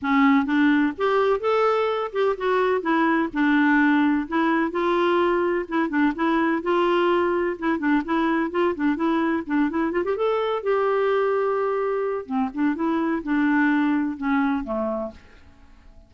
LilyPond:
\new Staff \with { instrumentName = "clarinet" } { \time 4/4 \tempo 4 = 127 cis'4 d'4 g'4 a'4~ | a'8 g'8 fis'4 e'4 d'4~ | d'4 e'4 f'2 | e'8 d'8 e'4 f'2 |
e'8 d'8 e'4 f'8 d'8 e'4 | d'8 e'8 f'16 g'16 a'4 g'4.~ | g'2 c'8 d'8 e'4 | d'2 cis'4 a4 | }